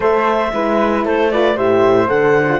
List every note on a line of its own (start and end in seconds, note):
0.00 0.51 A3
0.00 0.51 A4
0.00 0.52 C5
0.00 1.06 E5
0.52 1.04 G#3
0.52 1.32 E4
0.52 1.05 B4
1.04 1.57 A3
1.04 1.31 A4
1.04 1.31 C5
1.31 1.56 F4
1.31 1.55 B4
1.31 1.57 D5
1.55 2.09 A2
1.55 2.06 G4
1.55 2.59 C5
1.55 2.08 E5
2.06 2.60 D3
2.06 2.45 A4
2.06 2.60 F#5
2.48 2.60 F4